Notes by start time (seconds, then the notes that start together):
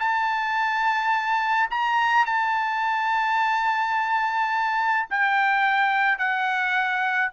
0.00 A5
1.71 A#5
2.26 A5
5.10 G5
6.19 F#5